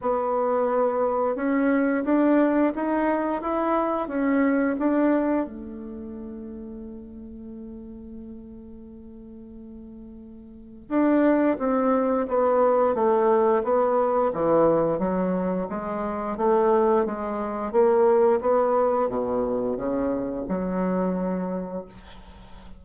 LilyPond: \new Staff \with { instrumentName = "bassoon" } { \time 4/4 \tempo 4 = 88 b2 cis'4 d'4 | dis'4 e'4 cis'4 d'4 | a1~ | a1 |
d'4 c'4 b4 a4 | b4 e4 fis4 gis4 | a4 gis4 ais4 b4 | b,4 cis4 fis2 | }